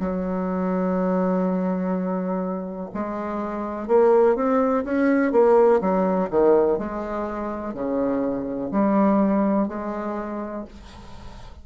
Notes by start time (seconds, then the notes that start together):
0.00 F#3
2.94 G#3
3.88 A#3
4.36 C4
4.85 C#4
5.32 A#3
5.81 F#3
6.30 D#3
6.78 G#3
7.74 C#3
8.71 G3
9.69 G#3